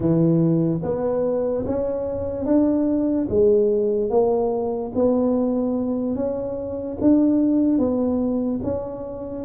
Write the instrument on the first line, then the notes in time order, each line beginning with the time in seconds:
tuba
0.00 E3
0.83 B3
1.66 C#4
2.45 D4
3.29 G#3
4.09 A#3
4.94 B3
6.15 C#4
7.00 D4
7.78 B3
8.63 C#4